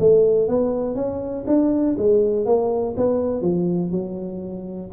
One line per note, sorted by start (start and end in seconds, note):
0.00 0.49 A3
0.49 0.96 B3
0.96 1.45 C#4
1.47 1.97 D4
1.99 2.46 G#3
2.46 2.96 A#3
2.98 3.42 B3
3.42 3.92 F3
3.92 4.91 F#3